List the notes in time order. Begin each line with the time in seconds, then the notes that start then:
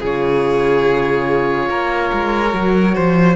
0.00 C#3 F4 G#4 C#5
1.69 A#3 A#4
2.14 G#3
2.51 F#3 F#4
2.95 F3 C5